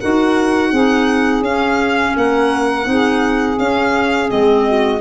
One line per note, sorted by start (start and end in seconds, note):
0.00 0.72 D#4
0.00 0.73 F#4
0.00 0.70 A#4
0.00 1.43 F#5
0.70 1.41 C4
0.70 1.45 D#4
0.70 2.13 G#4
1.41 2.12 C#4
1.41 2.85 C#4
1.41 2.16 F5
2.16 2.86 A#3
2.16 2.88 A#4
2.16 3.59 F#5
2.85 3.58 C4
2.85 3.56 D#4
2.85 4.68 G#4
3.59 4.30 C#4
3.59 4.28 C#4
3.59 4.30 F5
4.28 5.01 G#3
4.28 4.99 C4
4.28 5.01 D#5
4.68 5.01 F#4